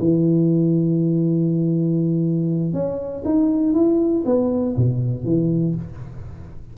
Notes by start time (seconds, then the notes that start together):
0.00 E3
2.73 C#4
3.25 D#4
3.74 E4
4.26 B3
4.77 B2
5.25 E3